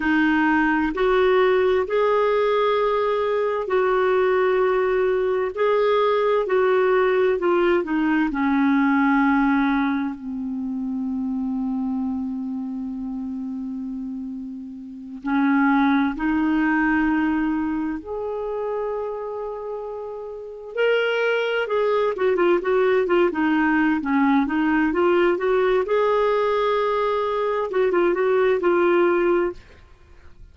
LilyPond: \new Staff \with { instrumentName = "clarinet" } { \time 4/4 \tempo 4 = 65 dis'4 fis'4 gis'2 | fis'2 gis'4 fis'4 | f'8 dis'8 cis'2 c'4~ | c'1~ |
c'8 cis'4 dis'2 gis'8~ | gis'2~ gis'8 ais'4 gis'8 | fis'16 f'16 fis'8 f'16 dis'8. cis'8 dis'8 f'8 fis'8 | gis'2 fis'16 f'16 fis'8 f'4 | }